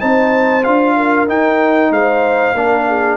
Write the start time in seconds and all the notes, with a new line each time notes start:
0.00 C4 D#4 C5 A5
0.64 D4 F4 F5
0.97 A#4
1.28 D#4 G5
1.91 G#3 C5 F5
2.54 A#3 D4 A#4
2.88 G#4